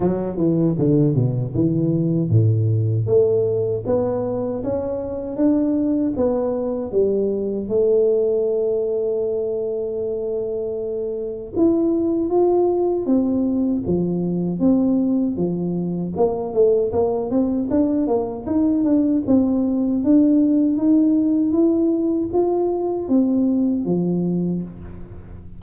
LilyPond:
\new Staff \with { instrumentName = "tuba" } { \time 4/4 \tempo 4 = 78 fis8 e8 d8 b,8 e4 a,4 | a4 b4 cis'4 d'4 | b4 g4 a2~ | a2. e'4 |
f'4 c'4 f4 c'4 | f4 ais8 a8 ais8 c'8 d'8 ais8 | dis'8 d'8 c'4 d'4 dis'4 | e'4 f'4 c'4 f4 | }